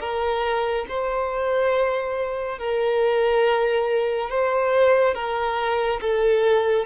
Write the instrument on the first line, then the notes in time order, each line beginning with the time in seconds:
violin
0.00 A#4
0.88 C5
2.59 A#4
4.30 C5
5.15 A#4
6.01 A4